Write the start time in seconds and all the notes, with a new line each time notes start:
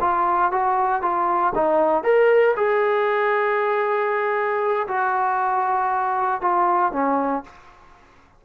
0.00 F4
0.51 F#4
1.02 F4
1.54 D#4
2.03 A#4
2.56 G#4
4.87 F#4
6.41 F4
6.92 C#4